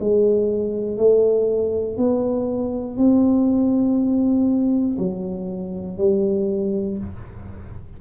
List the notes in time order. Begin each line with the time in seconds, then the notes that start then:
0.00 G#3
0.97 A3
1.97 B3
2.97 C4
4.98 F#3
5.98 G3